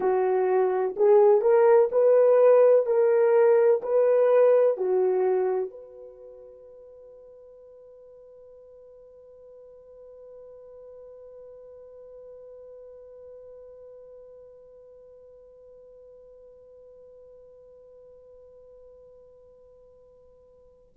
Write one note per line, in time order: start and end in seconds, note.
0.00 0.95 F#4
0.96 1.41 G#4
1.41 1.88 A#4
1.91 2.86 B4
2.86 3.81 A#4
3.82 4.77 B4
4.77 5.70 F#4
5.70 20.94 B4